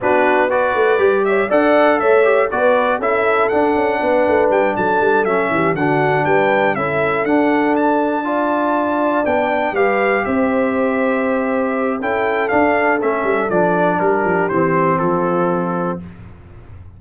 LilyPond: <<
  \new Staff \with { instrumentName = "trumpet" } { \time 4/4 \tempo 4 = 120 b'4 d''4. e''8 fis''4 | e''4 d''4 e''4 fis''4~ | fis''4 g''8 a''4 e''4 fis''8~ | fis''8 g''4 e''4 fis''4 a''8~ |
a''2~ a''8 g''4 f''8~ | f''8 e''2.~ e''8 | g''4 f''4 e''4 d''4 | ais'4 c''4 a'2 | }
  \new Staff \with { instrumentName = "horn" } { \time 4/4 fis'4 b'4. cis''8 d''4 | cis''4 b'4 a'2 | b'4. a'4. g'8 fis'8~ | fis'8 b'4 a'2~ a'8~ |
a'8 d''2. b'8~ | b'8 c''2.~ c''8 | a'1 | g'2 f'2 | }
  \new Staff \with { instrumentName = "trombone" } { \time 4/4 d'4 fis'4 g'4 a'4~ | a'8 g'8 fis'4 e'4 d'4~ | d'2~ d'8 cis'4 d'8~ | d'4. e'4 d'4.~ |
d'8 f'2 d'4 g'8~ | g'1 | e'4 d'4 cis'4 d'4~ | d'4 c'2. | }
  \new Staff \with { instrumentName = "tuba" } { \time 4/4 b4. a8 g4 d'4 | a4 b4 cis'4 d'8 cis'8 | b8 a8 g8 fis8 g8 fis8 e8 d8~ | d8 g4 cis'4 d'4.~ |
d'2~ d'8 b4 g8~ | g8 c'2.~ c'8 | cis'4 d'4 a8 g8 f4 | g8 f8 e4 f2 | }
>>